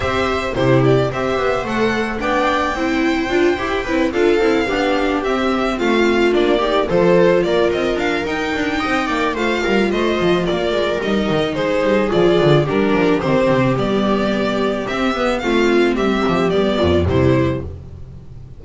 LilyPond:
<<
  \new Staff \with { instrumentName = "violin" } { \time 4/4 \tempo 4 = 109 e''4 c''8 d''8 e''4 fis''4 | g''2.~ g''8 f''8~ | f''4. e''4 f''4 d''8~ | d''8 c''4 d''8 dis''8 f''8 g''4~ |
g''4 f''4 dis''4 d''4 | dis''4 c''4 d''4 ais'4 | c''4 d''2 e''4 | f''4 e''4 d''4 c''4 | }
  \new Staff \with { instrumentName = "viola" } { \time 4/4 c''4 g'4 c''2 | d''4 c''2 b'8 a'8~ | a'8 g'2 f'4. | g'8 a'4 ais'2~ ais'8 |
dis''8 d''8 c''8 ais'8 c''4 ais'4~ | ais'4 gis'2 g'4~ | g'1 | f'4 g'4. f'8 e'4 | }
  \new Staff \with { instrumentName = "viola" } { \time 4/4 g'4 e'4 g'4 a'4 | d'4 e'4 f'8 g'8 e'8 f'8 | e'8 d'4 c'2 d'8 | dis'8 f'2~ f'8 dis'4~ |
dis'4 f'2. | dis'2 f'4 d'4 | c'4 b2 c'8 b8 | c'2 b4 g4 | }
  \new Staff \with { instrumentName = "double bass" } { \time 4/4 c'4 c4 c'8 b8 a4 | b4 c'4 d'8 e'8 c'8 d'8 | c'8 b4 c'4 a4 ais8~ | ais8 f4 ais8 c'8 d'8 dis'8 d'8 |
c'8 ais8 a8 g8 a8 f8 ais8 gis8 | g8 dis8 gis8 g8 f8 d8 g8 f8 | dis8 c8 g2 c'8 b8 | a4 g8 f8 g8 f,8 c4 | }
>>